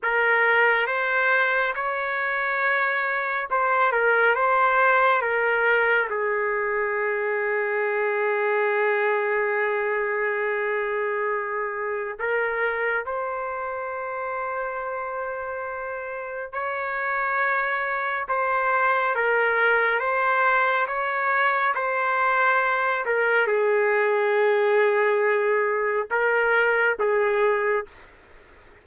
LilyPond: \new Staff \with { instrumentName = "trumpet" } { \time 4/4 \tempo 4 = 69 ais'4 c''4 cis''2 | c''8 ais'8 c''4 ais'4 gis'4~ | gis'1~ | gis'2 ais'4 c''4~ |
c''2. cis''4~ | cis''4 c''4 ais'4 c''4 | cis''4 c''4. ais'8 gis'4~ | gis'2 ais'4 gis'4 | }